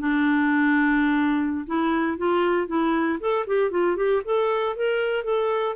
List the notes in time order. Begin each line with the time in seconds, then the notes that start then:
0.00 D4
1.67 E4
2.18 F4
2.68 E4
3.21 A4
3.47 G4
3.71 F4
3.97 G4
4.25 A4
4.77 A#4
5.25 A4